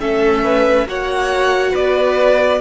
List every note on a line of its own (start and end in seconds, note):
0.00 0.87 A3
0.00 0.88 C#4
0.00 0.44 A4
0.00 0.88 E5
0.44 0.88 B4
0.87 1.74 A#3
0.87 2.61 F#4
0.87 1.72 C#5
0.87 1.75 F#5
1.72 2.61 B3
1.72 2.59 B4
1.72 2.61 D5